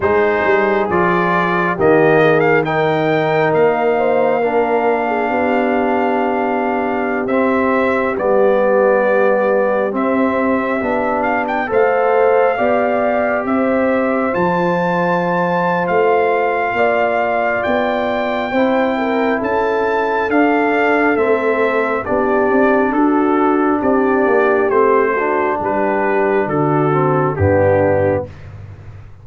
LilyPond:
<<
  \new Staff \with { instrumentName = "trumpet" } { \time 4/4 \tempo 4 = 68 c''4 d''4 dis''8. f''16 g''4 | f''1~ | f''16 e''4 d''2 e''8.~ | e''8. f''16 g''16 f''2 e''8.~ |
e''16 a''4.~ a''16 f''2 | g''2 a''4 f''4 | e''4 d''4 a'4 d''4 | c''4 b'4 a'4 g'4 | }
  \new Staff \with { instrumentName = "horn" } { \time 4/4 gis'2 g'8 gis'8 ais'4~ | ais'8 c''8 ais'8. gis'16 g'2~ | g'1~ | g'4~ g'16 c''4 d''4 c''8.~ |
c''2. d''4~ | d''4 c''8 ais'8 a'2~ | a'4 g'4 fis'4 g'4~ | g'8 fis'8 g'4 fis'4 d'4 | }
  \new Staff \with { instrumentName = "trombone" } { \time 4/4 dis'4 f'4 ais4 dis'4~ | dis'4 d'2.~ | d'16 c'4 b2 c'8.~ | c'16 d'4 a'4 g'4.~ g'16~ |
g'16 f'2.~ f'8.~ | f'4 e'2 d'4 | c'4 d'2. | c'8 d'2 c'8 b4 | }
  \new Staff \with { instrumentName = "tuba" } { \time 4/4 gis8 g8 f4 dis2 | ais2 b2~ | b16 c'4 g2 c'8.~ | c'16 b4 a4 b4 c'8.~ |
c'16 f4.~ f16 a4 ais4 | b4 c'4 cis'4 d'4 | a4 b8 c'8 d'4 c'8 ais8 | a4 g4 d4 g,4 | }
>>